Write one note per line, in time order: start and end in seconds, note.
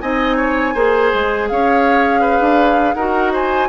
0.00 0.74 C4
0.00 0.75 D#4
0.00 0.36 D#5
0.00 1.48 G#5
0.36 0.73 C#5
0.74 1.11 A#3
0.74 2.97 G#4
0.74 1.48 C5
1.13 1.50 G#3
1.48 2.40 C#4
1.48 2.20 C#5
1.48 2.94 F5
2.20 2.94 B4
2.40 2.94 D4
2.94 3.68 D#4
2.94 3.68 F#4
2.94 3.32 A#4
2.94 3.31 F#5
3.32 3.68 C5
3.32 3.68 G#5